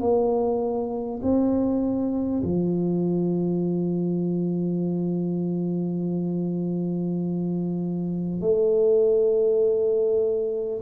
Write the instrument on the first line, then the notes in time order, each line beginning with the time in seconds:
tuba
0.00 A#3
1.22 C4
2.42 F3
8.41 A3